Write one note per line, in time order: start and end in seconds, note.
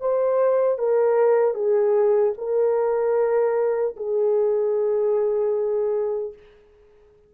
0.00 0.78 C5
0.78 1.54 A#4
1.54 2.33 G#4
2.38 3.95 A#4
3.96 6.33 G#4